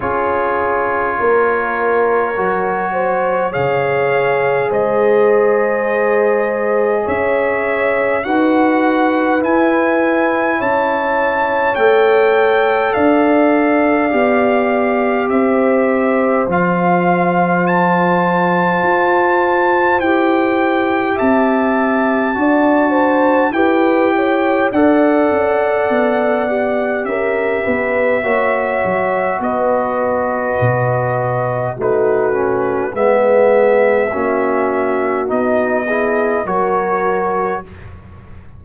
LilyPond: <<
  \new Staff \with { instrumentName = "trumpet" } { \time 4/4 \tempo 4 = 51 cis''2. f''4 | dis''2 e''4 fis''4 | gis''4 a''4 g''4 f''4~ | f''4 e''4 f''4 a''4~ |
a''4 g''4 a''2 | g''4 fis''2 e''4~ | e''4 dis''2 b'4 | e''2 dis''4 cis''4 | }
  \new Staff \with { instrumentName = "horn" } { \time 4/4 gis'4 ais'4. c''8 cis''4 | c''2 cis''4 b'4~ | b'4 cis''2 d''4~ | d''4 c''2.~ |
c''2 e''4 d''8 c''8 | b'8 cis''8 d''2 ais'8 b'8 | cis''4 b'2 fis'4 | gis'4 fis'4. gis'8 ais'4 | }
  \new Staff \with { instrumentName = "trombone" } { \time 4/4 f'2 fis'4 gis'4~ | gis'2. fis'4 | e'2 a'2 | g'2 f'2~ |
f'4 g'2 fis'4 | g'4 a'4. g'4. | fis'2. dis'8 cis'8 | b4 cis'4 dis'8 e'8 fis'4 | }
  \new Staff \with { instrumentName = "tuba" } { \time 4/4 cis'4 ais4 fis4 cis4 | gis2 cis'4 dis'4 | e'4 cis'4 a4 d'4 | b4 c'4 f2 |
f'4 e'4 c'4 d'4 | e'4 d'8 cis'8 b4 cis'8 b8 | ais8 fis8 b4 b,4 a4 | gis4 ais4 b4 fis4 | }
>>